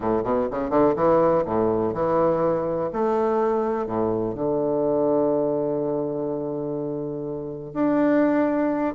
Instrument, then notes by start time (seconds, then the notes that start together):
bassoon
0.00 A2
0.24 B2
0.50 C#3
0.70 D3
0.95 E3
1.45 A2
1.93 E3
2.92 A3
3.86 A2
4.34 D3
7.73 D4